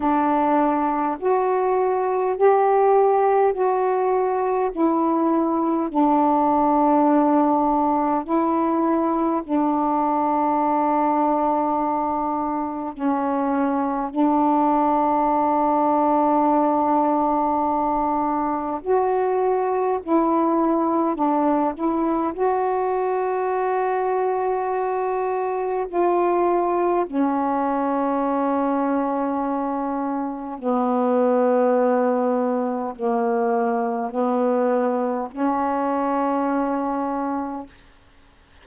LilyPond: \new Staff \with { instrumentName = "saxophone" } { \time 4/4 \tempo 4 = 51 d'4 fis'4 g'4 fis'4 | e'4 d'2 e'4 | d'2. cis'4 | d'1 |
fis'4 e'4 d'8 e'8 fis'4~ | fis'2 f'4 cis'4~ | cis'2 b2 | ais4 b4 cis'2 | }